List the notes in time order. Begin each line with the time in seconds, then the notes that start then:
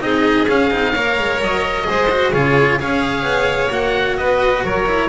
0.00 C4 D#4 G#4 D#5
0.48 C#4 F5
0.70 C4 D#4
0.92 A#3 A#4 C#5
1.19 G#3
1.41 F#3 D#5
1.84 G#3 G#4 C5
2.10 F#4
2.32 C#3 F4 G#4 C#5
2.79 C#4 G#4 C#5 F5
3.23 B3
3.69 A#3 F#4 F#5
4.16 B3 B4 D#5
4.64 F#3 A#4 C#5
4.86 E4